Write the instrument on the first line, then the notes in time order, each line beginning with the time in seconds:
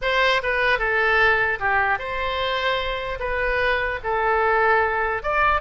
oboe
0.01 C5
0.43 B4
0.79 A4
1.59 G4
1.99 C5
3.19 B4
4.03 A4
5.22 D5